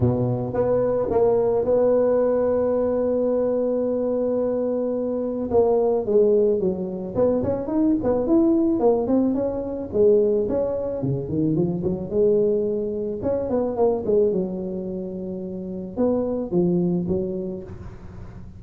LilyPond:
\new Staff \with { instrumentName = "tuba" } { \time 4/4 \tempo 4 = 109 b,4 b4 ais4 b4~ | b1~ | b2 ais4 gis4 | fis4 b8 cis'8 dis'8 b8 e'4 |
ais8 c'8 cis'4 gis4 cis'4 | cis8 dis8 f8 fis8 gis2 | cis'8 b8 ais8 gis8 fis2~ | fis4 b4 f4 fis4 | }